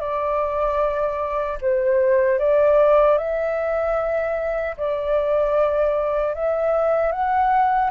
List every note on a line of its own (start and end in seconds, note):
0.00 1.58 D5
1.61 2.39 C5
2.39 3.18 D5
3.18 4.75 E5
4.77 6.34 D5
6.34 7.12 E5
7.12 7.90 F#5